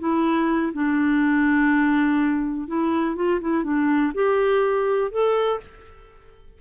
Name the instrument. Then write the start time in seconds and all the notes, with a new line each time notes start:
clarinet
0.00 E4
0.74 D4
2.68 E4
3.16 F4
3.41 E4
3.64 D4
4.15 G4
5.12 A4